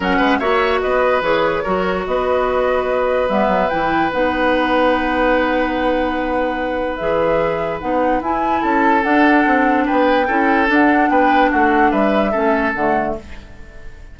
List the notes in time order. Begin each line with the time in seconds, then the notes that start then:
0.00 F#3 C#4 A#4 F#5
0.17 G#3 B4
0.39 A#3 F#4 C#5 E5
0.80 B3 B4 D#5
1.21 E3 G#4 C#5
1.63 F#3 F#4 A#4
2.06 B3 B4 D#5
3.28 G3 B3 E5
3.47 F#3
3.69 E3 E4 G5
4.12 B3 D#4 F#5
6.96 E3 G#4 E5
7.79 B3 D#4 F#5
8.20 E4 G#5
8.61 C#4 A4 A5
9.02 D4 F#5
9.46 C4
9.85 B3 B4 G5
10.27 C#4 E4 A4
10.66 D4 F#5
11.09 B3 B4 G5
11.51 A3 F#4 F#5
11.91 G3 B4 E5
12.31 A3 C#4 A4
12.74 D3 A3 F#5